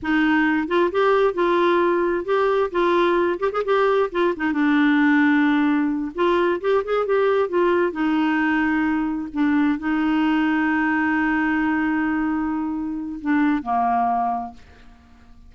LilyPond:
\new Staff \with { instrumentName = "clarinet" } { \time 4/4 \tempo 4 = 132 dis'4. f'8 g'4 f'4~ | f'4 g'4 f'4. g'16 gis'16 | g'4 f'8 dis'8 d'2~ | d'4. f'4 g'8 gis'8 g'8~ |
g'8 f'4 dis'2~ dis'8~ | dis'8 d'4 dis'2~ dis'8~ | dis'1~ | dis'4 d'4 ais2 | }